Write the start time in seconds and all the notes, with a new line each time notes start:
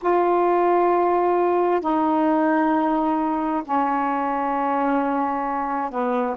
0.02 F4
1.81 D#4
3.64 C#4
5.90 B3